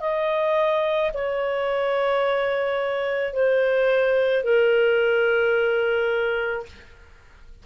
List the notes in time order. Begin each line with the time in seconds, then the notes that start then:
0.00 D#5
1.14 C#5
3.33 C5
4.44 A#4